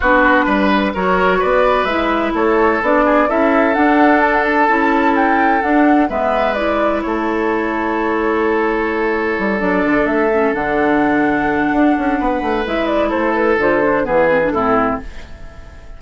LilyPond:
<<
  \new Staff \with { instrumentName = "flute" } { \time 4/4 \tempo 4 = 128 b'2 cis''4 d''4 | e''4 cis''4 d''4 e''4 | fis''4 a''16 fis''16 a''4. g''4 | fis''4 e''4 d''4 cis''4~ |
cis''1~ | cis''8 d''4 e''4 fis''4.~ | fis''2. e''8 d''8 | c''8 b'8 c''4 b'4 a'4 | }
  \new Staff \with { instrumentName = "oboe" } { \time 4/4 fis'4 b'4 ais'4 b'4~ | b'4 a'4. gis'8 a'4~ | a'1~ | a'4 b'2 a'4~ |
a'1~ | a'1~ | a'2 b'2 | a'2 gis'4 e'4 | }
  \new Staff \with { instrumentName = "clarinet" } { \time 4/4 d'2 fis'2 | e'2 d'4 e'4 | d'2 e'2 | d'4 b4 e'2~ |
e'1~ | e'8 d'4. cis'8 d'4.~ | d'2. e'4~ | e'4 f'8 d'8 b8 c'16 d'16 c'4 | }
  \new Staff \with { instrumentName = "bassoon" } { \time 4/4 b4 g4 fis4 b4 | gis4 a4 b4 cis'4 | d'2 cis'2 | d'4 gis2 a4~ |
a1 | g8 fis8 d8 a4 d4.~ | d4 d'8 cis'8 b8 a8 gis4 | a4 d4 e4 a,4 | }
>>